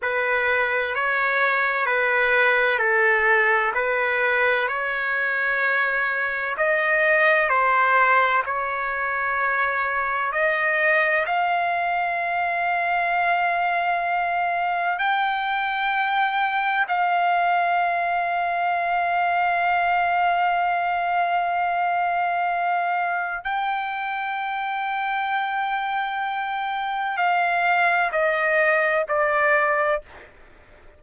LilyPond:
\new Staff \with { instrumentName = "trumpet" } { \time 4/4 \tempo 4 = 64 b'4 cis''4 b'4 a'4 | b'4 cis''2 dis''4 | c''4 cis''2 dis''4 | f''1 |
g''2 f''2~ | f''1~ | f''4 g''2.~ | g''4 f''4 dis''4 d''4 | }